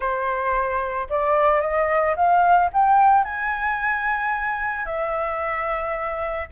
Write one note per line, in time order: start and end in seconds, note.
0.00 1.07 C5
1.09 1.61 D5
1.61 2.15 D#5
2.15 2.70 F5
2.73 3.24 G5
3.24 4.85 G#5
4.85 6.47 E5